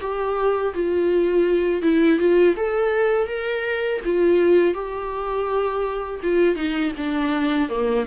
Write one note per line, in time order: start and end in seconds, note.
0.00 0.73 G4
0.74 1.82 F4
1.82 2.19 E4
2.19 2.55 F4
2.56 3.27 A4
3.27 4.00 A#4
4.05 4.74 F4
4.74 6.20 G4
6.23 6.56 F4
6.56 6.92 D#4
6.97 7.69 D4
7.69 8.06 A#3